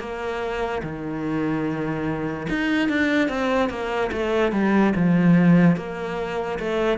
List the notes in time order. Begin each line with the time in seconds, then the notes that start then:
0.00 A#3
0.83 D#3
2.50 D#4
2.89 D4
3.29 C4
3.70 A#3
4.12 A3
4.52 G3
4.96 F3
5.77 A#3
6.60 A3